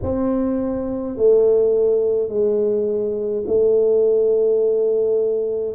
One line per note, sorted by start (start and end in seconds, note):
0.03 1.16 C4
1.16 2.28 A3
2.28 3.44 G#3
3.46 5.74 A3